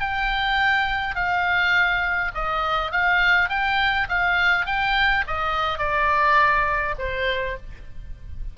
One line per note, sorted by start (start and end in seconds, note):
0.00 1.15 G5
1.15 2.32 F5
2.35 2.92 D#5
2.92 3.49 F5
3.49 4.08 G5
4.09 4.66 F5
4.66 5.24 G5
5.27 5.79 D#5
5.79 6.95 D5
6.98 7.57 C5